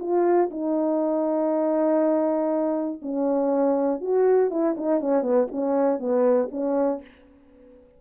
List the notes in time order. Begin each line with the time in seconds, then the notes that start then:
0.00 F4
0.51 D#4
3.02 C#4
4.01 F#4
4.51 E4
4.78 D#4
5.01 C#4
5.23 B3
5.52 C#4
6.00 B3
6.52 C#4